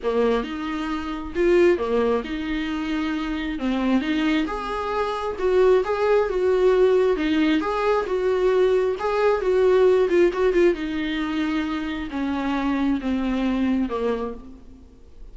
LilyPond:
\new Staff \with { instrumentName = "viola" } { \time 4/4 \tempo 4 = 134 ais4 dis'2 f'4 | ais4 dis'2. | c'4 dis'4 gis'2 | fis'4 gis'4 fis'2 |
dis'4 gis'4 fis'2 | gis'4 fis'4. f'8 fis'8 f'8 | dis'2. cis'4~ | cis'4 c'2 ais4 | }